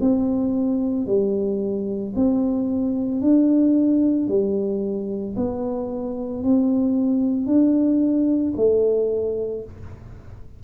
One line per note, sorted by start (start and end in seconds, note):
0.00 1.06 C4
1.06 2.13 G3
2.15 3.21 C4
3.21 4.28 D4
4.28 5.35 G3
5.36 6.43 B3
6.43 7.46 C4
7.46 8.53 D4
8.56 9.63 A3